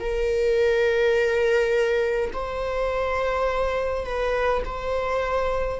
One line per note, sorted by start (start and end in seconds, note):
0.00 2.31 A#4
2.33 4.05 C5
4.05 4.63 B4
4.65 5.80 C5